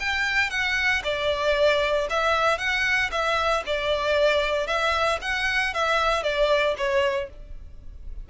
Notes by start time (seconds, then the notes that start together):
0.00 G5
0.50 F#5
1.04 D5
2.10 E5
2.58 F#5
3.12 E5
3.66 D5
4.67 E5
5.22 F#5
5.74 E5
6.23 D5
6.78 C#5